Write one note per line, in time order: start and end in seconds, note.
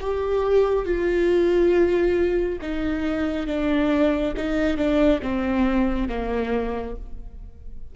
0.00 0.85 G4
0.85 2.59 F4
2.61 3.47 D#4
3.47 4.34 D4
4.37 4.77 D#4
4.77 5.21 D4
5.22 6.08 C4
6.08 6.95 A#3